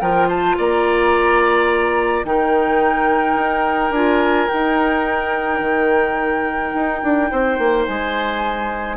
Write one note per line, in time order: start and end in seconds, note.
0.00 0.56 F3
0.00 2.25 F4
0.00 0.28 A#4
0.00 0.28 G5
0.28 0.56 C5
0.28 0.57 A5
0.57 2.24 A#3
0.57 2.26 D5
0.57 2.24 A#5
2.24 3.35 D#3
2.24 3.93 D#4
2.24 7.30 A#4
2.24 3.93 G5
3.35 3.90 D#4
3.90 4.46 D4
3.90 4.49 F4
3.90 4.48 G#5
4.48 8.97 D#4
4.48 5.60 D#4
4.48 7.84 G5
5.60 6.72 D#3
6.74 7.02 D#4
7.02 7.30 D4
7.30 7.58 C4
7.30 8.97 C5
7.58 7.86 A#3
7.85 8.97 G#3
7.85 8.97 G#5